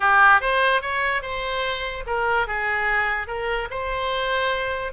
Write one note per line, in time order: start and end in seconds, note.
0.00 0.40 G4
0.40 0.81 C5
0.81 1.22 C#5
1.22 2.04 C5
2.06 2.47 A#4
2.47 3.27 G#4
3.27 3.68 A#4
3.70 4.92 C5